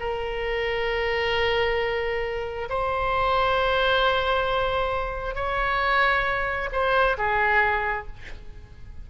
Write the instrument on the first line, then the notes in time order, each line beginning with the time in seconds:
oboe
0.00 A#4
2.69 C5
5.35 C#5
6.72 C5
7.18 G#4